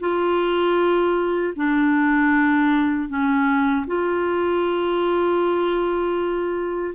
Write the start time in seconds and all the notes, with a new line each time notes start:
0.00 F4
1.56 D4
3.09 C#4
3.87 F4